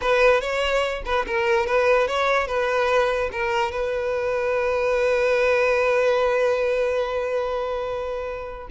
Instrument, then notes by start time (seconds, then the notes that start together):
violin
0.01 B4
0.40 C#5
1.05 B4
1.26 A#4
1.66 B4
2.07 C#5
2.47 B4
3.31 A#4
3.71 B4